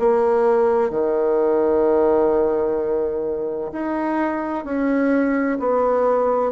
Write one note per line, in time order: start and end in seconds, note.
0.00 0.91 A#3
0.91 3.72 D#3
3.72 4.65 D#4
4.65 5.59 C#4
5.60 6.52 B3